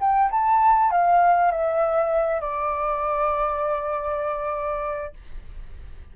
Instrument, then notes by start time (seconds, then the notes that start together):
flute
0.00 G5
0.31 A5
0.91 F5
1.52 E5
2.41 D5